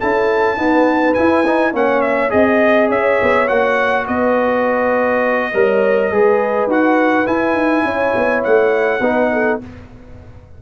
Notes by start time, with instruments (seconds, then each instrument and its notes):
0.00 tuba C#4, trombone E4, horn A4, trumpet A5
0.57 trombone B3, tuba D#4, horn B4
1.14 trombone E4, tuba E4, trumpet G#5
1.47 trombone D#4
1.73 tuba A#3, trombone C#4, horn C#5, trumpet F#5
2.01 trumpet E5
2.30 tuba C4, trombone G#4, trumpet D#5, horn D#5
2.89 tuba C#4, horn C#5, trumpet E5
3.22 tuba B3
3.48 tuba A#3, trombone F#4, trumpet F#5
4.07 tuba B3, horn B4, trumpet D#5
5.54 tuba G3, trombone A#4, horn C#5
6.11 tuba G#3, trombone G#4, horn B4
6.67 tuba D#4, trombone F#4, trumpet F#5
7.26 trombone E4, tuba E4, trumpet G#5
7.54 tuba D#4
7.85 tuba C#4, horn C#5
8.16 tuba B3
8.44 tuba A3, trumpet F#5
9.00 tuba B3, trombone D#4, horn B4
9.33 horn A4